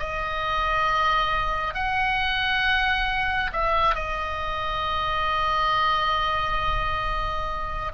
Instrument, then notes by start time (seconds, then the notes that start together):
oboe
0.00 D#5
1.74 F#5
3.53 E5
3.95 D#5